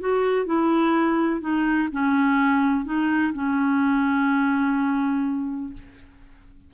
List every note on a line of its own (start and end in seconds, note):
0.00 0.46 F#4
0.46 1.41 E4
1.41 1.89 D#4
1.92 2.85 C#4
2.85 3.33 D#4
3.34 5.74 C#4